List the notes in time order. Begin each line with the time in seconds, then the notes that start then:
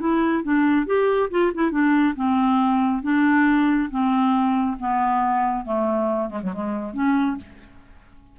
0.00 E4
0.43 D4
0.86 G4
1.31 F4
1.54 E4
1.71 D4
2.16 C4
3.03 D4
3.91 C4
4.79 B3
5.65 A3
6.30 G#3
6.43 F#3
6.53 G#3
6.94 C#4